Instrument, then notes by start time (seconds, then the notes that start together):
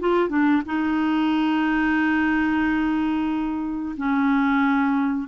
clarinet
0.00 F4
0.29 D4
0.66 D#4
3.97 C#4